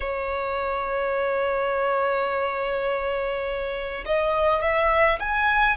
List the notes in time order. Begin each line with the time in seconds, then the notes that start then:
0.00 C#5
4.05 D#5
4.62 E5
5.19 G#5